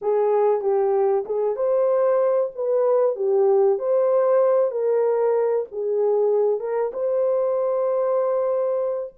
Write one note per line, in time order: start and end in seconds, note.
0.01 0.61 G#4
0.61 1.24 G4
1.25 1.56 G#4
1.56 2.50 C5
2.55 3.15 B4
3.15 3.78 G4
3.79 4.71 C5
4.71 5.65 A#4
5.71 6.59 G#4
6.59 6.91 A#4
6.93 9.14 C5